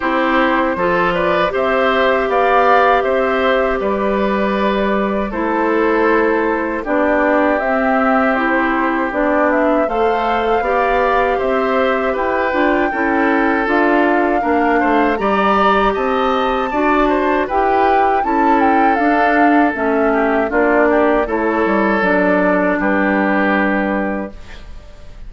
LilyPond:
<<
  \new Staff \with { instrumentName = "flute" } { \time 4/4 \tempo 4 = 79 c''4. d''8 e''4 f''4 | e''4 d''2 c''4~ | c''4 d''4 e''4 c''4 | d''8 e''8 f''2 e''4 |
g''2 f''2 | ais''4 a''2 g''4 | a''8 g''8 f''4 e''4 d''4 | cis''4 d''4 b'2 | }
  \new Staff \with { instrumentName = "oboe" } { \time 4/4 g'4 a'8 b'8 c''4 d''4 | c''4 b'2 a'4~ | a'4 g'2.~ | g'4 c''4 d''4 c''4 |
b'4 a'2 ais'8 c''8 | d''4 dis''4 d''8 c''8 b'4 | a'2~ a'8 g'8 f'8 g'8 | a'2 g'2 | }
  \new Staff \with { instrumentName = "clarinet" } { \time 4/4 e'4 f'4 g'2~ | g'2. e'4~ | e'4 d'4 c'4 e'4 | d'4 a'4 g'2~ |
g'8 f'8 e'4 f'4 d'4 | g'2 fis'4 g'4 | e'4 d'4 cis'4 d'4 | e'4 d'2. | }
  \new Staff \with { instrumentName = "bassoon" } { \time 4/4 c'4 f4 c'4 b4 | c'4 g2 a4~ | a4 b4 c'2 | b4 a4 b4 c'4 |
e'8 d'8 cis'4 d'4 ais8 a8 | g4 c'4 d'4 e'4 | cis'4 d'4 a4 ais4 | a8 g8 fis4 g2 | }
>>